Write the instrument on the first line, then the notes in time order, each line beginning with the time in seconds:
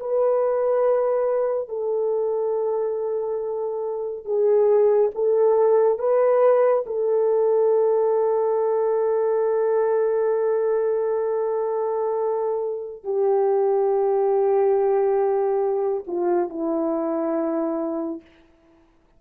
horn
0.00 B4
1.68 A4
4.25 G#4
5.15 A4
5.98 B4
6.86 A4
13.04 G4
16.07 F4
16.50 E4